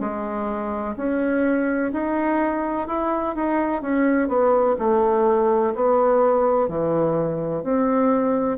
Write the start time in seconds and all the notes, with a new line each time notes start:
0.00 G#3
0.97 C#4
1.93 D#4
2.88 E4
3.36 D#4
3.82 C#4
4.29 B3
4.79 A3
5.76 B3
6.69 E3
7.64 C4